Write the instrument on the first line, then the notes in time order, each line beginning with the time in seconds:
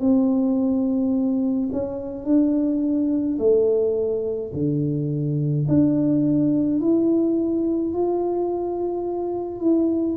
tuba
0.00 C4
1.72 C#4
2.25 D4
3.39 A3
4.53 D3
5.69 D4
6.81 E4
7.94 F4
9.61 E4